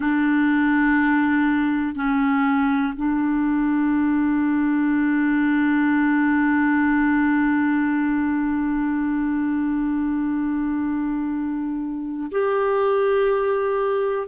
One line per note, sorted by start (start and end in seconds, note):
0.00 1.95 D4
1.95 2.93 C#4
2.96 12.30 D4
12.31 14.27 G4